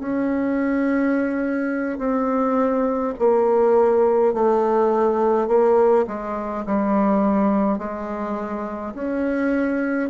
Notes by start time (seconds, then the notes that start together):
0.00 C#4
1.99 C4
3.19 A#3
4.34 A3
5.48 A#3
6.07 G#3
6.67 G3
7.79 G#3
8.95 C#4